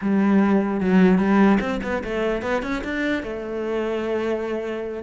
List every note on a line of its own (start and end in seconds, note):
0.01 0.80 G3
0.80 1.18 F#3
1.18 1.58 G3
1.60 1.80 C4
1.83 2.03 B3
2.04 2.42 A3
2.42 2.62 B3
2.62 2.82 C#4
2.84 3.23 D4
3.23 5.03 A3